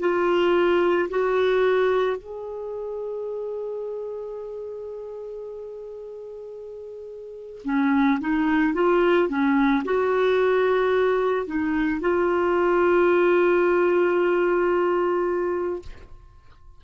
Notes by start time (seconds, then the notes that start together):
0.00 F4
1.10 F#4
2.17 G#4
7.65 C#4
8.21 D#4
8.74 F4
9.29 C#4
9.85 F#4
11.47 D#4
12.01 F4